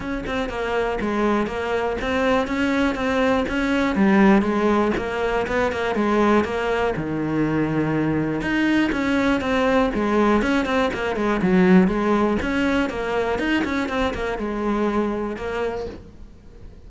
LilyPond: \new Staff \with { instrumentName = "cello" } { \time 4/4 \tempo 4 = 121 cis'8 c'8 ais4 gis4 ais4 | c'4 cis'4 c'4 cis'4 | g4 gis4 ais4 b8 ais8 | gis4 ais4 dis2~ |
dis4 dis'4 cis'4 c'4 | gis4 cis'8 c'8 ais8 gis8 fis4 | gis4 cis'4 ais4 dis'8 cis'8 | c'8 ais8 gis2 ais4 | }